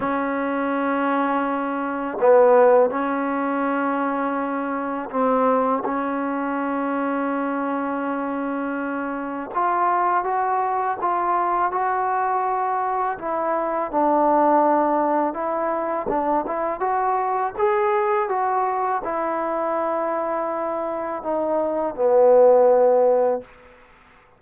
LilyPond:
\new Staff \with { instrumentName = "trombone" } { \time 4/4 \tempo 4 = 82 cis'2. b4 | cis'2. c'4 | cis'1~ | cis'4 f'4 fis'4 f'4 |
fis'2 e'4 d'4~ | d'4 e'4 d'8 e'8 fis'4 | gis'4 fis'4 e'2~ | e'4 dis'4 b2 | }